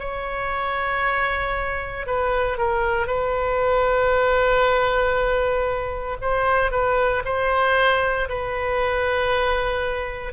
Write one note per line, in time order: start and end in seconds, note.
0.00 2.07 C#5
2.07 2.58 B4
2.58 3.08 A#4
3.08 6.18 B4
6.22 6.71 C5
6.71 7.23 B4
7.25 8.29 C5
8.29 10.33 B4